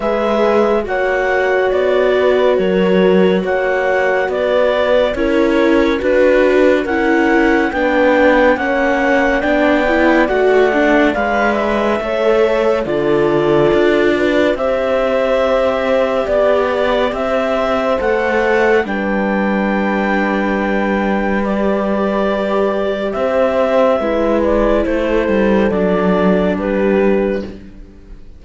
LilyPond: <<
  \new Staff \with { instrumentName = "clarinet" } { \time 4/4 \tempo 4 = 70 e''4 fis''4 d''4 cis''4 | fis''4 d''4 cis''4 b'4 | fis''4 g''4 fis''4 g''4 | fis''4 f''8 e''4. d''4~ |
d''4 e''2 d''4 | e''4 fis''4 g''2~ | g''4 d''2 e''4~ | e''8 d''8 c''4 d''4 b'4 | }
  \new Staff \with { instrumentName = "horn" } { \time 4/4 b'4 cis''4. b'8 ais'4 | cis''4 b'4 ais'4 b'4 | ais'4 b'4 cis''4 d''4~ | d''2 cis''4 a'4~ |
a'8 b'8 c''2 d''4 | c''2 b'2~ | b'2. c''4 | b'4 a'2 g'4 | }
  \new Staff \with { instrumentName = "viola" } { \time 4/4 gis'4 fis'2.~ | fis'2 e'4 fis'4 | e'4 d'4 cis'4 d'8 e'8 | fis'8 d'8 b'4 a'4 f'4~ |
f'4 g'2.~ | g'4 a'4 d'2~ | d'4 g'2. | e'2 d'2 | }
  \new Staff \with { instrumentName = "cello" } { \time 4/4 gis4 ais4 b4 fis4 | ais4 b4 cis'4 d'4 | cis'4 b4 ais4 b4 | a4 gis4 a4 d4 |
d'4 c'2 b4 | c'4 a4 g2~ | g2. c'4 | gis4 a8 g8 fis4 g4 | }
>>